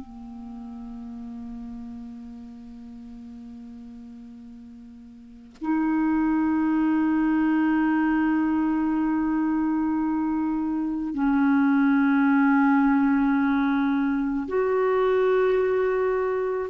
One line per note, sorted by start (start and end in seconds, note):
0.00 5.56 A#3
5.61 11.14 D#4
11.14 14.47 C#4
14.47 16.70 F#4